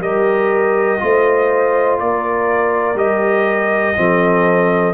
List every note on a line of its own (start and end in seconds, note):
0.00 0.98 G3
0.00 0.99 G4
0.00 1.01 A#4
0.00 1.99 D#5
0.99 2.00 A3
0.99 2.95 F4
0.99 2.02 C5
1.99 2.95 A#3
1.99 3.99 A#4
1.99 2.98 D5
2.95 3.93 G3
2.95 3.95 G4
2.95 4.94 D#5
3.96 4.94 F3
3.96 4.94 C4
3.96 4.94 A4